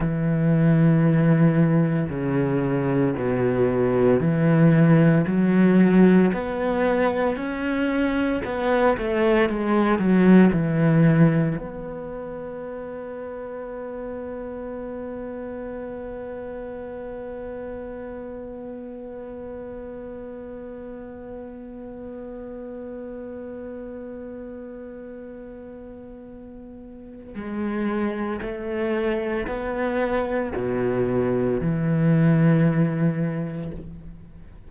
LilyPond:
\new Staff \with { instrumentName = "cello" } { \time 4/4 \tempo 4 = 57 e2 cis4 b,4 | e4 fis4 b4 cis'4 | b8 a8 gis8 fis8 e4 b4~ | b1~ |
b1~ | b1~ | b2 gis4 a4 | b4 b,4 e2 | }